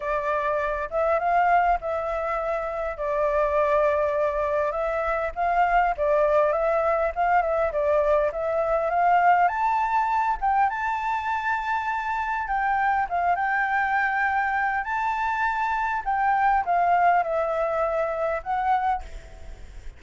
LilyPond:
\new Staff \with { instrumentName = "flute" } { \time 4/4 \tempo 4 = 101 d''4. e''8 f''4 e''4~ | e''4 d''2. | e''4 f''4 d''4 e''4 | f''8 e''8 d''4 e''4 f''4 |
a''4. g''8 a''2~ | a''4 g''4 f''8 g''4.~ | g''4 a''2 g''4 | f''4 e''2 fis''4 | }